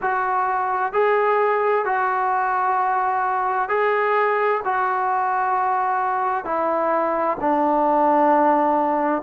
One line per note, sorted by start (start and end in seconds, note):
0.01 0.92 F#4
0.92 1.85 G#4
1.85 3.68 F#4
3.68 4.61 G#4
4.64 6.44 F#4
6.44 7.37 E4
7.40 9.22 D4